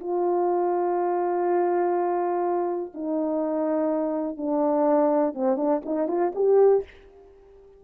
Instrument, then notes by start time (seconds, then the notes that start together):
horn
0.00 F4
2.95 D#4
4.37 D4
5.35 C4
5.57 D4
5.86 D#4
6.08 F4
6.35 G4